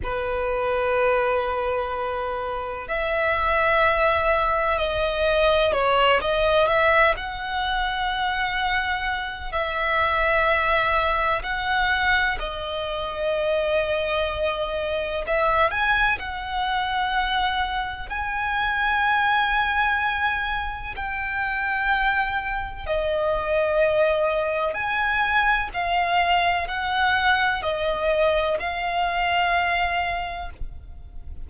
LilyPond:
\new Staff \with { instrumentName = "violin" } { \time 4/4 \tempo 4 = 63 b'2. e''4~ | e''4 dis''4 cis''8 dis''8 e''8 fis''8~ | fis''2 e''2 | fis''4 dis''2. |
e''8 gis''8 fis''2 gis''4~ | gis''2 g''2 | dis''2 gis''4 f''4 | fis''4 dis''4 f''2 | }